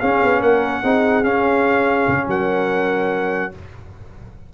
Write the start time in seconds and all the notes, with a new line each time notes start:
0.00 C#4 G#4 F5
0.23 B3
0.41 A#3 A#4 F#5
0.81 C4 D#4 G#4
1.23 C#4 F5
2.08 C#3
2.27 F#3 A#4 F#5